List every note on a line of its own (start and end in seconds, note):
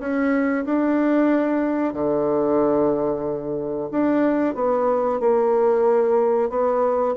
0.00 0.65 C#4
0.65 1.94 D4
1.94 3.89 D3
3.91 4.55 D4
4.55 5.20 B3
5.20 6.50 A#3
6.50 7.15 B3